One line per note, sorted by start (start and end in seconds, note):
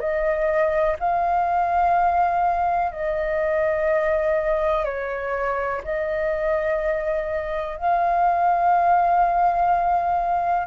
0.00 0.97 D#5
1.00 2.93 F5
2.93 4.85 D#5
4.85 5.82 C#5
5.85 7.77 D#5
7.77 10.68 F5